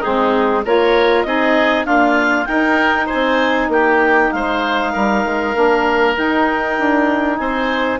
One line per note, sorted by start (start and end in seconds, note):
0.00 0.65 G#3
0.00 0.64 C4
0.00 0.61 D#4
0.00 0.64 G#4
0.65 1.24 A#3
0.65 1.25 F4
0.65 1.26 A#4
0.65 1.23 C#5
1.23 1.85 C4
1.23 1.86 D#4
1.23 1.86 G#4
1.23 1.84 D#5
1.85 2.47 A#3
1.85 2.46 D4
1.85 2.48 F4
1.85 2.45 F5
2.45 3.08 D#4
2.45 5.54 D#4
2.45 3.06 A#4
2.45 3.07 G5
3.06 3.67 C5
3.06 3.70 G#5
3.14 3.68 C4
3.68 4.29 A#3
3.68 4.34 G4
3.68 4.31 G5
4.31 4.94 G#3
4.31 4.92 C5
4.31 6.15 F5
4.92 5.25 G3
4.92 7.37 A#4
5.25 5.55 G#3
5.54 6.16 A#3
5.54 6.15 D4
6.15 7.98 D#4
6.15 6.79 D#4
6.15 7.37 G5
6.79 7.39 D4
7.37 7.99 C4
7.37 7.99 C5
7.37 7.98 G#5